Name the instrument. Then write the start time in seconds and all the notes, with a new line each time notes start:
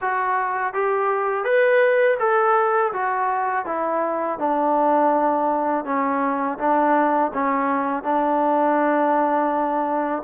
trombone
0.01 F#4
0.73 G4
1.44 B4
2.19 A4
2.92 F#4
3.66 E4
4.38 D4
5.84 C#4
6.58 D4
7.33 C#4
8.03 D4